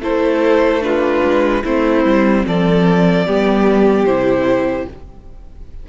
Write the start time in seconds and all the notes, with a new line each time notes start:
0.00 A3 E4 A4 C5
0.81 D4 F4 B4
1.23 G#3
1.63 A3 C4 E4 C5
2.04 G3
2.47 F3 A4 D5
3.26 G3 B3 G4
4.04 C3 E4 C5